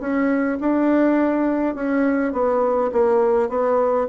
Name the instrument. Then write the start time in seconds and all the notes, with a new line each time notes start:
bassoon
0.00 C#4
0.60 D4
1.75 C#4
2.33 B3
2.92 A#3
3.49 B3